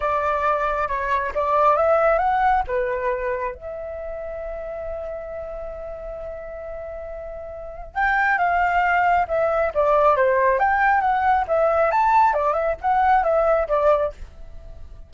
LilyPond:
\new Staff \with { instrumentName = "flute" } { \time 4/4 \tempo 4 = 136 d''2 cis''4 d''4 | e''4 fis''4 b'2 | e''1~ | e''1~ |
e''2 g''4 f''4~ | f''4 e''4 d''4 c''4 | g''4 fis''4 e''4 a''4 | d''8 e''8 fis''4 e''4 d''4 | }